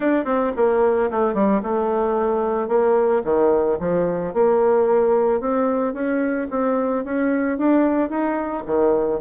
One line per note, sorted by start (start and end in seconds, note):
0.00 0.25 D4
0.25 0.52 C4
0.56 1.10 A#3
1.11 1.34 A3
1.34 1.61 G3
1.62 2.68 A3
2.68 3.22 A#3
3.24 3.78 D#3
3.79 4.33 F3
4.33 5.40 A#3
5.40 5.93 C4
5.93 6.47 C#4
6.50 7.04 C4
7.04 7.58 C#4
7.58 8.09 D4
8.09 8.63 D#4
8.66 9.20 D#3